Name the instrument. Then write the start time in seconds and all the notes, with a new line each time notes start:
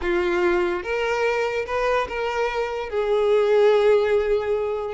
violin
0.01 F4
0.83 A#4
1.66 B4
2.08 A#4
2.89 G#4